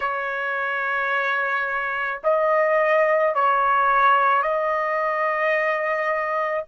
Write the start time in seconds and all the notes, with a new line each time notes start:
0.00 C#5
2.23 D#5
3.34 C#5
4.42 D#5